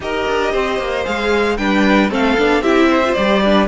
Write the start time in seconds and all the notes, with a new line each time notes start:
0.00 D#4 G4 A#4 D#5
0.27 D4
0.52 C4 C5
0.78 A#3
1.04 G#3 G#4 F5
1.57 G3 D4 B4 G5
2.10 A3 C4 A4 F5
2.37 B3 D4
2.61 C4 E4 G4 E5
2.89 C5
3.05 F4
3.13 G3 G4 D5
3.43 D4 B4